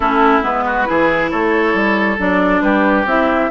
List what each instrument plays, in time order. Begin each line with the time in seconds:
0.00 bassoon A3, clarinet C#4, oboe E4, flute A4
0.42 bassoon G#3, clarinet B3, flute B4
0.66 oboe F#4
0.85 bassoon E3, clarinet E4, oboe G#4
1.30 bassoon A3, oboe A4, flute C#5
1.73 bassoon G3
2.18 bassoon F#3, clarinet D4, flute D5
2.61 bassoon G3, oboe G4, flute B4
3.05 bassoon C4, clarinet E4, flute E5